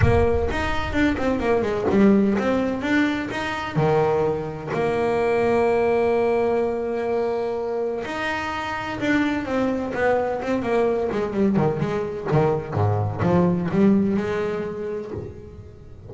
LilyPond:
\new Staff \with { instrumentName = "double bass" } { \time 4/4 \tempo 4 = 127 ais4 dis'4 d'8 c'8 ais8 gis8 | g4 c'4 d'4 dis'4 | dis2 ais2~ | ais1~ |
ais4 dis'2 d'4 | c'4 b4 c'8 ais4 gis8 | g8 dis8 gis4 dis4 gis,4 | f4 g4 gis2 | }